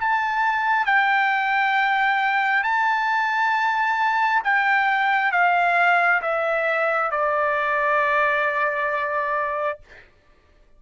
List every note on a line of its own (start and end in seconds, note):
0.00 0.86 A5
0.86 2.64 G5
2.64 4.43 A5
4.44 5.32 G5
5.32 6.22 F5
6.22 7.12 E5
7.12 9.80 D5